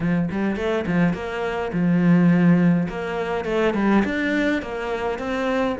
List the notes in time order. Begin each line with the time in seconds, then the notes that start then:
0.00 F3
0.31 G3
0.56 A3
0.86 F3
1.13 A#3
1.72 F3
2.88 A#3
3.45 A3
3.74 G3
4.05 D4
4.62 A#3
5.18 C4